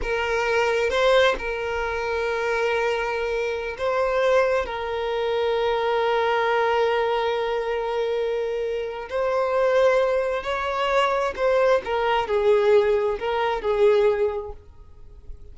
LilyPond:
\new Staff \with { instrumentName = "violin" } { \time 4/4 \tempo 4 = 132 ais'2 c''4 ais'4~ | ais'1~ | ais'16 c''2 ais'4.~ ais'16~ | ais'1~ |
ais'1 | c''2. cis''4~ | cis''4 c''4 ais'4 gis'4~ | gis'4 ais'4 gis'2 | }